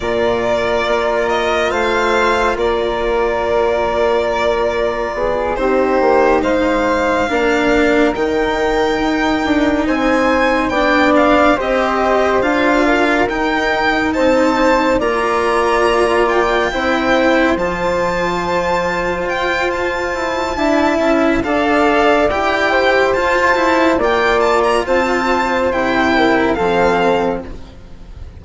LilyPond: <<
  \new Staff \with { instrumentName = "violin" } { \time 4/4 \tempo 4 = 70 d''4. dis''8 f''4 d''4~ | d''2~ d''8 c''4 f''8~ | f''4. g''2 gis''8~ | gis''8 g''8 f''8 dis''4 f''4 g''8~ |
g''8 a''4 ais''4. g''4~ | g''8 a''2 g''8 a''4~ | a''4 f''4 g''4 a''4 | g''8 a''16 ais''16 a''4 g''4 f''4 | }
  \new Staff \with { instrumentName = "flute" } { \time 4/4 ais'2 c''4 ais'4~ | ais'2 gis'8 g'4 c''8~ | c''8 ais'2. c''8~ | c''8 d''4 c''4. ais'4~ |
ais'8 c''4 d''2 c''8~ | c''1 | e''4 d''4. c''4. | d''4 c''4. ais'8 a'4 | }
  \new Staff \with { instrumentName = "cello" } { \time 4/4 f'1~ | f'2~ f'8 dis'4.~ | dis'8 d'4 dis'2~ dis'8~ | dis'8 d'4 g'4 f'4 dis'8~ |
dis'4. f'2 e'8~ | e'8 f'2.~ f'8 | e'4 a'4 g'4 f'8 e'8 | f'2 e'4 c'4 | }
  \new Staff \with { instrumentName = "bassoon" } { \time 4/4 ais,4 ais4 a4 ais4~ | ais2 b8 c'8 ais8 gis8~ | gis8 ais4 dis4 dis'8 d'8 c'8~ | c'8 b4 c'4 d'4 dis'8~ |
dis'8 c'4 ais2 c'8~ | c'8 f2 f'4 e'8 | d'8 cis'8 d'4 e'4 f'4 | ais4 c'4 c4 f4 | }
>>